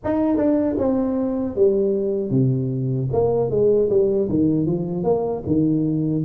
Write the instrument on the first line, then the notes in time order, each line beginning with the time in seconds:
tuba
0.04 D#4
0.36 D4
0.78 C4
1.55 G3
2.30 C3
3.12 A#3
3.50 G#3
3.89 G3
4.29 D#3
4.66 F3
5.03 A#3
5.46 D#3